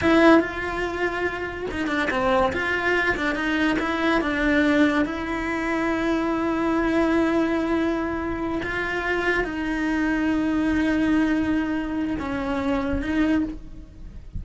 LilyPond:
\new Staff \with { instrumentName = "cello" } { \time 4/4 \tempo 4 = 143 e'4 f'2. | dis'8 d'8 c'4 f'4. d'8 | dis'4 e'4 d'2 | e'1~ |
e'1~ | e'8 f'2 dis'4.~ | dis'1~ | dis'4 cis'2 dis'4 | }